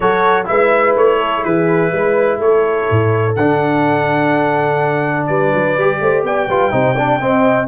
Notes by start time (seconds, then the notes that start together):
0.00 F#3 F#4 A4 C#5
0.45 G#3 E4 B4 E5
0.96 A3 C#5
1.19 A4
1.44 E3 G#4 B4
1.91 G#3 B4
2.38 A3 A4 C#5
2.90 A2
3.35 D3 D4 F#5
5.26 G3 B4 D5
5.53 F#3
5.76 G3 G4
6.00 A3 C5
6.23 B3 D5 G5
6.48 G3 F4 B4
6.70 C3 D#4 C5
6.94 D4 D5
7.20 C4 D#5